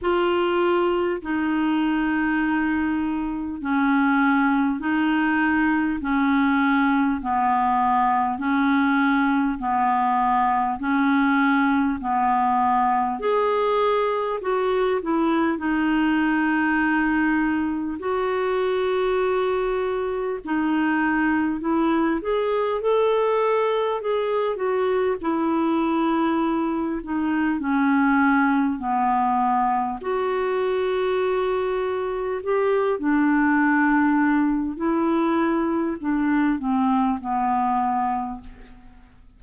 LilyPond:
\new Staff \with { instrumentName = "clarinet" } { \time 4/4 \tempo 4 = 50 f'4 dis'2 cis'4 | dis'4 cis'4 b4 cis'4 | b4 cis'4 b4 gis'4 | fis'8 e'8 dis'2 fis'4~ |
fis'4 dis'4 e'8 gis'8 a'4 | gis'8 fis'8 e'4. dis'8 cis'4 | b4 fis'2 g'8 d'8~ | d'4 e'4 d'8 c'8 b4 | }